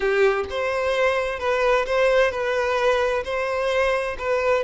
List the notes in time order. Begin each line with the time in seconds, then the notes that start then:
0.00 G4
0.50 C5
1.39 B4
1.86 C5
2.31 B4
3.24 C5
4.18 B4